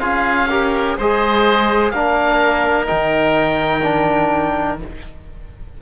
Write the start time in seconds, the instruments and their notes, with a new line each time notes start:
0.00 cello C#4, trombone F4, oboe G#4 F5
0.50 trombone G4, oboe A#4
0.98 cello G#3, trombone G#4, oboe C5 D#5
1.91 cello A#3, trombone D4, oboe A#4 F5
2.86 cello D#3, trombone D#4, oboe G5
3.84 trombone D4